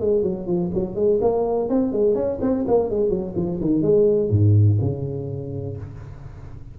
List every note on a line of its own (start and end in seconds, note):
0.00 0.22 G#3
0.22 0.46 F#3
0.46 0.70 F3
0.74 0.95 F#3
0.95 1.19 G#3
1.21 1.69 A#3
1.69 1.92 C4
1.92 2.14 G#3
2.14 2.38 C#4
2.41 2.65 C4
2.67 2.89 A#3
2.89 3.09 G#3
3.09 3.33 F#3
3.36 3.60 F3
3.60 3.82 D#3
3.82 4.30 G#3
4.30 4.78 G#2
4.80 5.76 C#3